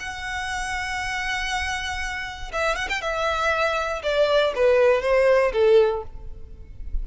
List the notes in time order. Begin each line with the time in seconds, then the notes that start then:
0.00 F#5
2.53 E5
2.76 F#5
2.89 G5
3.02 E5
4.03 D5
4.56 B4
5.02 C5
5.53 A4